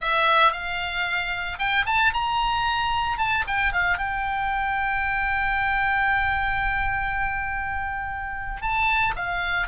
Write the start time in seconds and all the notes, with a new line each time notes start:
0.01 E5
0.52 F5
1.58 G5
1.86 A5
2.13 A#5
3.18 A5
3.47 G5
3.72 F5
3.98 G5
8.61 A5
9.15 F5